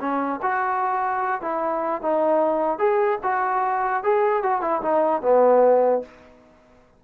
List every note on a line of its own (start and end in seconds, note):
0.00 0.40 C#4
0.42 1.41 F#4
1.41 2.02 E4
2.02 2.79 D#4
2.79 3.19 G#4
3.23 4.03 F#4
4.03 4.43 G#4
4.43 4.61 F#4
4.61 4.81 E4
4.82 5.22 D#4
5.22 6.02 B3